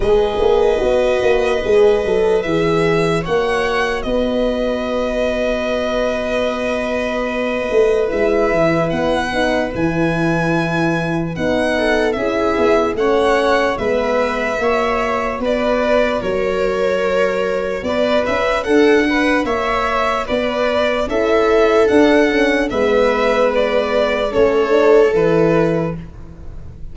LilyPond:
<<
  \new Staff \with { instrumentName = "violin" } { \time 4/4 \tempo 4 = 74 dis''2. e''4 | fis''4 dis''2.~ | dis''2 e''4 fis''4 | gis''2 fis''4 e''4 |
fis''4 e''2 d''4 | cis''2 d''8 e''8 fis''4 | e''4 d''4 e''4 fis''4 | e''4 d''4 cis''4 b'4 | }
  \new Staff \with { instrumentName = "viola" } { \time 4/4 b'1 | cis''4 b'2.~ | b'1~ | b'2~ b'8 a'8 gis'4 |
cis''4 b'4 cis''4 b'4 | ais'2 b'4 a'8 b'8 | cis''4 b'4 a'2 | b'2 a'2 | }
  \new Staff \with { instrumentName = "horn" } { \time 4/4 gis'4 fis'4 gis'8 a'8 gis'4 | fis'1~ | fis'2 e'4. dis'8 | e'2 dis'4 e'4 |
cis'4 b4 fis'2~ | fis'1~ | fis'2 e'4 d'8 cis'8 | b2 cis'8 d'8 e'4 | }
  \new Staff \with { instrumentName = "tuba" } { \time 4/4 gis8 ais8 b8 ais8 gis8 fis8 e4 | ais4 b2.~ | b4. a8 gis8 e8 b4 | e2 b4 cis'8 b8 |
a4 gis4 ais4 b4 | fis2 b8 cis'8 d'4 | ais4 b4 cis'4 d'4 | gis2 a4 e4 | }
>>